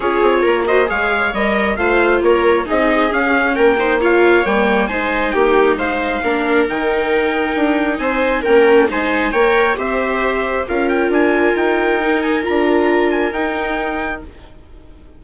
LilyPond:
<<
  \new Staff \with { instrumentName = "trumpet" } { \time 4/4 \tempo 4 = 135 cis''4. dis''8 f''4 dis''4 | f''4 cis''4 dis''4 f''4 | g''4 f''4 g''4 gis''4 | g''4 f''2 g''4~ |
g''2 gis''4 g''4 | gis''4 g''4 e''2 | f''8 g''8 gis''4 g''4. gis''8 | ais''4. gis''8 g''2 | }
  \new Staff \with { instrumentName = "viola" } { \time 4/4 gis'4 ais'8 c''8 cis''2 | c''4 ais'4 gis'2 | ais'8 c''8 cis''2 c''4 | g'4 c''4 ais'2~ |
ais'2 c''4 ais'4 | c''4 cis''4 c''2 | ais'1~ | ais'1 | }
  \new Staff \with { instrumentName = "viola" } { \time 4/4 f'4. fis'8 gis'4 ais'4 | f'2 dis'4 cis'4~ | cis'8 dis'8 f'4 ais4 dis'4~ | dis'2 d'4 dis'4~ |
dis'2. cis'4 | dis'4 ais'4 g'2 | f'2. dis'4 | f'2 dis'2 | }
  \new Staff \with { instrumentName = "bassoon" } { \time 4/4 cis'8 c'8 ais4 gis4 g4 | a4 ais4 c'4 cis'4 | ais2 g4 gis4 | ais4 gis4 ais4 dis4~ |
dis4 d'4 c'4 ais4 | gis4 ais4 c'2 | cis'4 d'4 dis'2 | d'2 dis'2 | }
>>